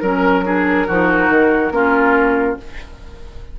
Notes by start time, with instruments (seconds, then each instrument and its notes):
0.00 bassoon F#3, clarinet C#4, flute A#4, oboe A#4
0.44 clarinet D4, oboe G#4
0.87 bassoon F3, clarinet D#4, oboe F#4
1.29 bassoon D#3
1.71 bassoon A#3, clarinet C#4, oboe F4